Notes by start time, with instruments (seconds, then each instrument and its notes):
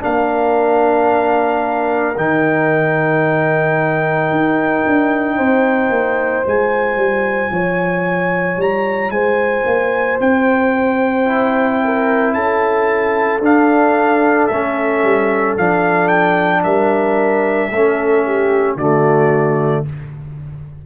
0.00 tuba A#3, trombone D4, horn A#4, trumpet F5
2.17 tuba D#3, trombone D#4, trumpet G5
4.31 tuba D#4
4.86 tuba D4
5.37 tuba C4, horn C5
5.90 tuba A#3
6.46 tuba G#3, trombone F4, trumpet G#5
6.96 tuba G3
7.51 tuba F3, horn C#5
8.57 tuba G3, trumpet A#5
9.09 tuba G#3, horn C5, trumpet G#5
9.66 tuba A#3
10.20 tuba C4, trumpet G5
11.25 trombone E4
11.84 horn A#4
12.33 tuba C#4, horn A4, trumpet A5
13.40 tuba D4, trombone D4, trumpet F5
14.47 tuba A3, trombone C#4, trumpet E5
15.03 tuba G3
15.57 tuba F3, trombone D4, trumpet F5
16.08 trumpet G5
16.63 tuba G3, horn A#4, trumpet E5
17.70 tuba A3, trombone C#4, horn A4
18.26 horn G4
18.75 tuba D3, trombone A3, horn F#4, trumpet D5